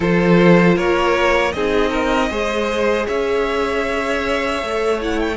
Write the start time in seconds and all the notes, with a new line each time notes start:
0.00 F3 F4 A4 C5
0.75 A#3 A#4 C#5
1.51 C4 D#4 G#4 D#5
1.90 A#4
2.30 G#3 G#4 C5
3.06 C#4 C#5 E5
4.62 A3 A4
5.00 E4 F#5
5.19 G5